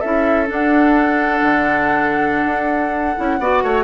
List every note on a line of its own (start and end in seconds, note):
0.00 0.50 C#4
0.00 0.47 E4
0.00 3.37 A4
0.00 0.47 E5
0.47 3.14 D4
0.47 1.43 D4
0.47 3.85 F#5
1.43 2.46 D3
2.46 3.15 D4
3.17 3.40 C#4
3.17 3.40 E4
3.40 3.63 B3
3.40 3.85 F#4
3.40 3.64 D5
3.63 3.85 A3
3.63 3.85 C#5